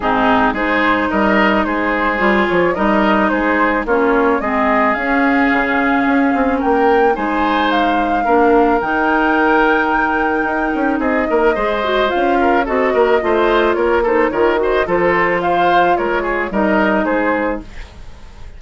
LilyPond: <<
  \new Staff \with { instrumentName = "flute" } { \time 4/4 \tempo 4 = 109 gis'4 c''4 dis''4 c''4~ | c''8 cis''8 dis''4 c''4 cis''4 | dis''4 f''2. | g''4 gis''4 f''2 |
g''1 | dis''2 f''4 dis''4~ | dis''4 cis''8 c''8 cis''8 dis''8 c''4 | f''4 cis''4 dis''4 c''4 | }
  \new Staff \with { instrumentName = "oboe" } { \time 4/4 dis'4 gis'4 ais'4 gis'4~ | gis'4 ais'4 gis'4 f'4 | gis'1 | ais'4 c''2 ais'4~ |
ais'1 | gis'8 ais'8 c''4. ais'8 a'8 ais'8 | c''4 ais'8 a'8 ais'8 c''8 a'4 | c''4 ais'8 gis'8 ais'4 gis'4 | }
  \new Staff \with { instrumentName = "clarinet" } { \time 4/4 c'4 dis'2. | f'4 dis'2 cis'4 | c'4 cis'2.~ | cis'4 dis'2 d'4 |
dis'1~ | dis'4 gis'8 fis'8 f'4 fis'4 | f'4. dis'8 f'8 fis'8 f'4~ | f'2 dis'2 | }
  \new Staff \with { instrumentName = "bassoon" } { \time 4/4 gis,4 gis4 g4 gis4 | g8 f8 g4 gis4 ais4 | gis4 cis'4 cis4 cis'8 c'8 | ais4 gis2 ais4 |
dis2. dis'8 cis'8 | c'8 ais8 gis4 cis'4 c'8 ais8 | a4 ais4 dis4 f4~ | f4 gis4 g4 gis4 | }
>>